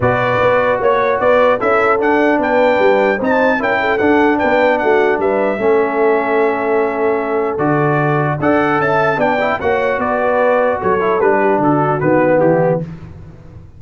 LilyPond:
<<
  \new Staff \with { instrumentName = "trumpet" } { \time 4/4 \tempo 4 = 150 d''2 cis''4 d''4 | e''4 fis''4 g''2 | a''4 g''4 fis''4 g''4 | fis''4 e''2.~ |
e''2. d''4~ | d''4 fis''4 a''4 g''4 | fis''4 d''2 cis''4 | b'4 a'4 b'4 g'4 | }
  \new Staff \with { instrumentName = "horn" } { \time 4/4 b'2 cis''4 b'4 | a'2 b'2 | c''4 ais'8 a'4. b'4 | fis'4 b'4 a'2~ |
a'1~ | a'4 d''4 e''4 d''4 | cis''4 b'2 a'4~ | a'8 g'8 fis'2 e'4 | }
  \new Staff \with { instrumentName = "trombone" } { \time 4/4 fis'1 | e'4 d'2. | dis'4 e'4 d'2~ | d'2 cis'2~ |
cis'2. fis'4~ | fis'4 a'2 d'8 e'8 | fis'2.~ fis'8 e'8 | d'2 b2 | }
  \new Staff \with { instrumentName = "tuba" } { \time 4/4 b,4 b4 ais4 b4 | cis'4 d'4 b4 g4 | c'4 cis'4 d'4 b4 | a4 g4 a2~ |
a2. d4~ | d4 d'4 cis'4 b4 | ais4 b2 fis4 | g4 d4 dis4 e4 | }
>>